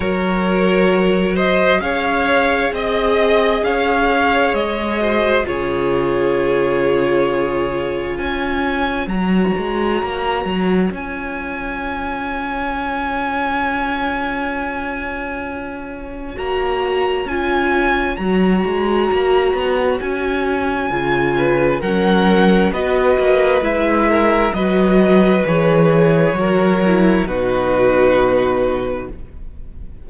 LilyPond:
<<
  \new Staff \with { instrumentName = "violin" } { \time 4/4 \tempo 4 = 66 cis''4. dis''8 f''4 dis''4 | f''4 dis''4 cis''2~ | cis''4 gis''4 ais''2 | gis''1~ |
gis''2 ais''4 gis''4 | ais''2 gis''2 | fis''4 dis''4 e''4 dis''4 | cis''2 b'2 | }
  \new Staff \with { instrumentName = "violin" } { \time 4/4 ais'4. c''8 cis''4 dis''4 | cis''4. c''8 gis'2~ | gis'4 cis''2.~ | cis''1~ |
cis''1~ | cis''2.~ cis''8 b'8 | ais'4 b'4. ais'8 b'4~ | b'4 ais'4 fis'2 | }
  \new Staff \with { instrumentName = "viola" } { \time 4/4 fis'2 gis'2~ | gis'4. fis'8 f'2~ | f'2 fis'2 | f'1~ |
f'2 fis'4 f'4 | fis'2. f'4 | cis'4 fis'4 e'4 fis'4 | gis'4 fis'8 e'8 dis'2 | }
  \new Staff \with { instrumentName = "cello" } { \time 4/4 fis2 cis'4 c'4 | cis'4 gis4 cis2~ | cis4 cis'4 fis8 gis8 ais8 fis8 | cis'1~ |
cis'2 ais4 cis'4 | fis8 gis8 ais8 b8 cis'4 cis4 | fis4 b8 ais8 gis4 fis4 | e4 fis4 b,2 | }
>>